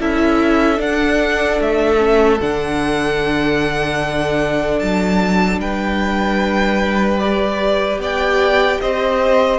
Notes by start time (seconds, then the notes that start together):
0.00 C#4 E4 A4 E5
0.77 D4 F#5
1.61 A3 E5
1.98 C#4
2.41 D3 D4 F#5
4.79 F#3 A5
5.58 G3 B4 G5
7.19 G4 D5
7.98 B3 D5 G5
8.81 C4 C5 D#5